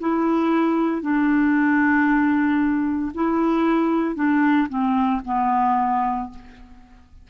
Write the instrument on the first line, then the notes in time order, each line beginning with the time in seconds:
clarinet
0.00 E4
1.01 D4
3.14 E4
4.15 D4
4.68 C4
5.25 B3